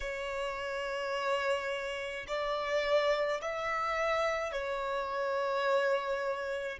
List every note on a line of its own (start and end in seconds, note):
0.00 2.26 C#5
2.27 3.41 D5
3.41 4.52 E5
4.52 6.78 C#5